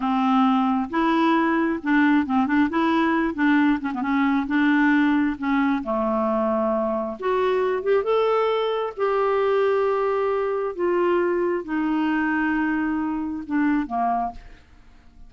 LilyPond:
\new Staff \with { instrumentName = "clarinet" } { \time 4/4 \tempo 4 = 134 c'2 e'2 | d'4 c'8 d'8 e'4. d'8~ | d'8 cis'16 b16 cis'4 d'2 | cis'4 a2. |
fis'4. g'8 a'2 | g'1 | f'2 dis'2~ | dis'2 d'4 ais4 | }